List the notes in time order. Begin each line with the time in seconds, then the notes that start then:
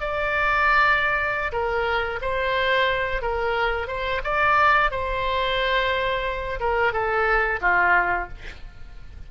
0.00 D5
1.52 A#4
2.21 C5
3.21 A#4
3.87 C5
4.24 D5
4.91 C5
6.60 A#4
6.92 A4
7.61 F4